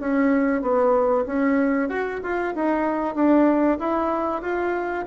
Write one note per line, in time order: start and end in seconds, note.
0.00 0.62 C#4
0.62 1.25 B3
1.27 1.89 C#4
1.89 2.20 F#4
2.23 2.55 F4
2.55 3.15 D#4
3.15 3.78 D4
3.79 4.42 E4
4.42 5.05 F4